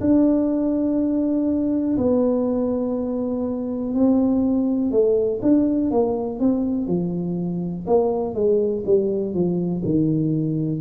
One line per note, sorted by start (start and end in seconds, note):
0.00 1.97 D4
1.97 3.94 B3
3.94 4.91 C4
4.91 5.41 A3
5.42 5.91 D4
5.91 6.39 A#3
6.39 6.87 C4
6.87 7.86 F3
7.87 8.34 A#3
8.34 8.83 G#3
8.85 9.34 G3
9.34 9.83 F3
9.85 10.81 D#3